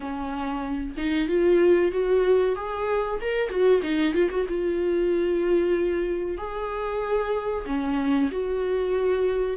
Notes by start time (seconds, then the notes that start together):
0.00 C#4
0.97 D#4
1.28 F4
1.91 F#4
2.55 G#4
3.21 A#4
3.49 F#4
3.82 D#4
4.13 F4
4.30 F#4
4.48 F4
6.37 G#4
7.66 C#4
8.31 F#4